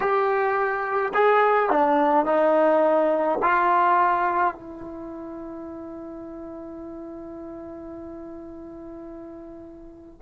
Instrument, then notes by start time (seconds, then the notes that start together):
trombone
0.00 G4
1.13 G#4
1.70 D4
2.25 D#4
3.42 F4
4.54 E4